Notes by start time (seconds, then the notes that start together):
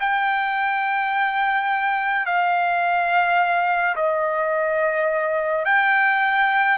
0.00 G5
2.26 F5
3.96 D#5
5.65 G5